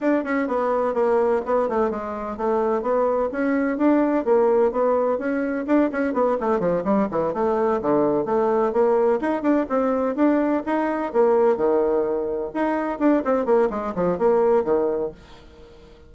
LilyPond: \new Staff \with { instrumentName = "bassoon" } { \time 4/4 \tempo 4 = 127 d'8 cis'8 b4 ais4 b8 a8 | gis4 a4 b4 cis'4 | d'4 ais4 b4 cis'4 | d'8 cis'8 b8 a8 f8 g8 e8 a8~ |
a8 d4 a4 ais4 dis'8 | d'8 c'4 d'4 dis'4 ais8~ | ais8 dis2 dis'4 d'8 | c'8 ais8 gis8 f8 ais4 dis4 | }